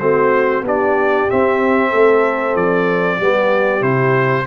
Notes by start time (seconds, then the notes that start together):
0.00 A3 C4 F#4 C5
0.62 B3 D4 G4 D5
1.29 C4 E5
1.90 A3 A4
2.55 F3 D5
3.18 G3 B3 G4
3.81 C3 E4 C5